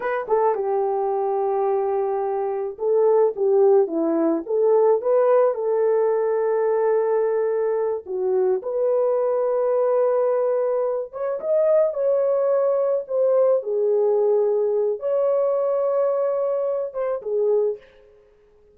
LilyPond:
\new Staff \with { instrumentName = "horn" } { \time 4/4 \tempo 4 = 108 b'8 a'8 g'2.~ | g'4 a'4 g'4 e'4 | a'4 b'4 a'2~ | a'2~ a'8 fis'4 b'8~ |
b'1 | cis''8 dis''4 cis''2 c''8~ | c''8 gis'2~ gis'8 cis''4~ | cis''2~ cis''8 c''8 gis'4 | }